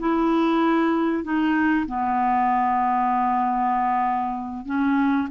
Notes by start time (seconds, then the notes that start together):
0.00 E4
1.24 D#4
1.88 B3
4.66 C#4